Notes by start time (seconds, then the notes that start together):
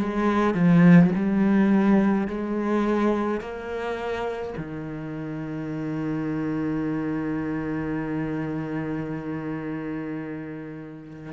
0.00 G#3
0.55 F3
1.16 G3
2.28 G#3
3.41 A#3
4.58 D#3